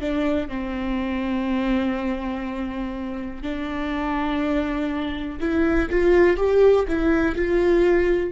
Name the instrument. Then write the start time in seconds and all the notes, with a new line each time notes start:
viola
0.00 D4
0.48 C4
3.42 D4
5.40 E4
5.90 F4
6.37 G4
6.88 E4
7.35 F4